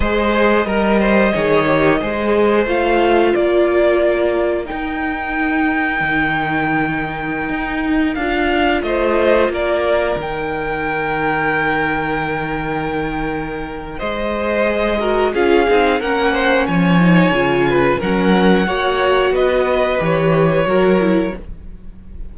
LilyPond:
<<
  \new Staff \with { instrumentName = "violin" } { \time 4/4 \tempo 4 = 90 dis''1 | f''4 d''2 g''4~ | g''1~ | g''16 f''4 dis''4 d''4 g''8.~ |
g''1~ | g''4 dis''2 f''4 | fis''4 gis''2 fis''4~ | fis''4 dis''4 cis''2 | }
  \new Staff \with { instrumentName = "violin" } { \time 4/4 c''4 ais'8 c''8 cis''4 c''4~ | c''4 ais'2.~ | ais'1~ | ais'4~ ais'16 c''4 ais'4.~ ais'16~ |
ais'1~ | ais'4 c''4. ais'8 gis'4 | ais'8 c''8 cis''4. b'8 ais'4 | cis''4 b'2 ais'4 | }
  \new Staff \with { instrumentName = "viola" } { \time 4/4 gis'4 ais'4 gis'8 g'8 gis'4 | f'2. dis'4~ | dis'1~ | dis'16 f'2. dis'8.~ |
dis'1~ | dis'2 gis'8 fis'8 f'8 dis'8 | cis'4. dis'8 f'4 cis'4 | fis'2 g'4 fis'8 e'8 | }
  \new Staff \with { instrumentName = "cello" } { \time 4/4 gis4 g4 dis4 gis4 | a4 ais2 dis'4~ | dis'4 dis2~ dis16 dis'8.~ | dis'16 d'4 a4 ais4 dis8.~ |
dis1~ | dis4 gis2 cis'8 c'8 | ais4 f4 cis4 fis4 | ais4 b4 e4 fis4 | }
>>